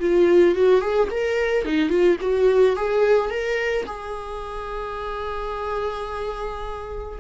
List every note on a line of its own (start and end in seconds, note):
0.00 0.55 F4
0.55 0.81 F#4
0.81 1.09 G#4
1.11 1.65 A#4
1.65 1.89 D#4
1.89 2.17 F4
2.21 2.76 F#4
2.76 3.30 G#4
3.30 3.85 A#4
3.86 7.19 G#4